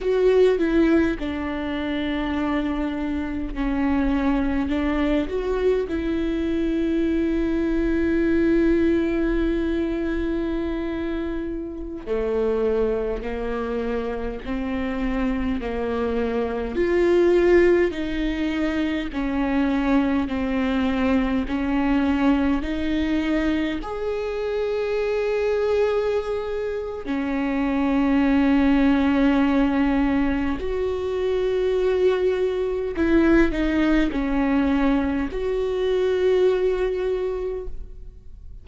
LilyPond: \new Staff \with { instrumentName = "viola" } { \time 4/4 \tempo 4 = 51 fis'8 e'8 d'2 cis'4 | d'8 fis'8 e'2.~ | e'2~ e'16 a4 ais8.~ | ais16 c'4 ais4 f'4 dis'8.~ |
dis'16 cis'4 c'4 cis'4 dis'8.~ | dis'16 gis'2~ gis'8. cis'4~ | cis'2 fis'2 | e'8 dis'8 cis'4 fis'2 | }